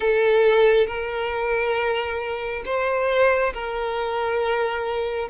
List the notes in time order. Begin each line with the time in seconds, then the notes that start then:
0.00 A4
0.86 A#4
2.65 C5
3.53 A#4